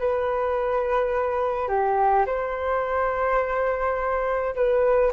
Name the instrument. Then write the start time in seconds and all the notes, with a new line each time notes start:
flute
0.00 B4
1.69 G4
2.27 C5
4.56 B4